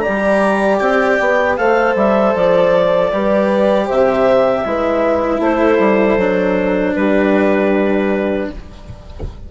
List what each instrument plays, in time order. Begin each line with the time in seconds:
0.00 cello G4, horn D5, clarinet A#5
0.08 bassoon G3
0.79 bassoon C4, clarinet G5
1.20 bassoon B3
1.57 bassoon A3, cello A4, horn C5, clarinet F5
1.96 bassoon G3, clarinet E5
2.35 bassoon F3, clarinet D5
3.12 bassoon G3, cello G4, horn B4
3.86 bassoon C3, horn C5, clarinet E5
4.65 bassoon G#3, cello E4, horn B4
5.40 bassoon A3, horn A4, clarinet C5
5.79 bassoon G3
6.17 bassoon F#3, cello D4
6.96 bassoon G3, horn G4, clarinet B4